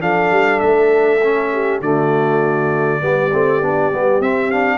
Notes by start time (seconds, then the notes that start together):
0.00 F3 D4 A4 F5
0.31 G3
0.60 A3 E5
1.23 C#4
1.52 G4
1.80 D3 A3 F#4 D5
3.00 G3 B3 G4
3.33 A3 C4
3.61 B3 D4
3.92 G3 B3
4.20 C4 E5
4.51 D4 F5